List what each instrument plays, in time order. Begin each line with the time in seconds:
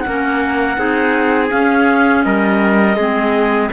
0.00 clarinet F#5
0.06 cello A#3, clarinet C#4, trumpet A#4
0.77 cello C4, clarinet D#4, trumpet G#4
1.50 clarinet C#4 F5, cello C#4
2.23 cello G3, trumpet A#4, clarinet D#5
2.96 cello G#3, clarinet C4, trumpet G#4